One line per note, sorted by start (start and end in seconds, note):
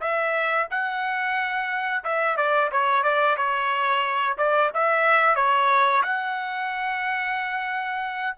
0.00 0.67 E5
0.70 2.03 F#5
2.04 2.36 E5
2.36 2.70 D5
2.72 3.03 C#5
3.03 3.36 D5
3.36 4.36 C#5
4.37 4.71 D5
4.74 5.35 E5
5.35 6.02 C#5
6.02 8.36 F#5